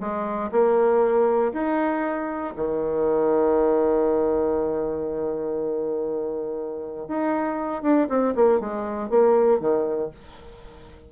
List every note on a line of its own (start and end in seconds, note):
0.00 0.50 G#3
0.52 1.53 A#3
1.53 2.54 D#4
2.56 7.08 D#3
7.08 7.83 D#4
7.83 8.08 D4
8.09 8.35 C4
8.35 8.60 A#3
8.60 9.10 G#3
9.10 9.60 A#3
9.60 10.11 D#3